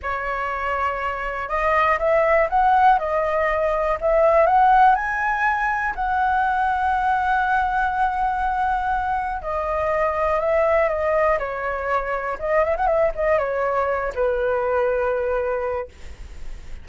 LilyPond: \new Staff \with { instrumentName = "flute" } { \time 4/4 \tempo 4 = 121 cis''2. dis''4 | e''4 fis''4 dis''2 | e''4 fis''4 gis''2 | fis''1~ |
fis''2. dis''4~ | dis''4 e''4 dis''4 cis''4~ | cis''4 dis''8 e''16 fis''16 e''8 dis''8 cis''4~ | cis''8 b'2.~ b'8 | }